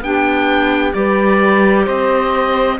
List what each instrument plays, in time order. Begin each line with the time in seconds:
0.00 cello B3, clarinet D4, saxophone G4, oboe G5
0.92 cello G3, clarinet G4, saxophone B4, oboe D5
1.84 cello C4, saxophone C5, oboe D#5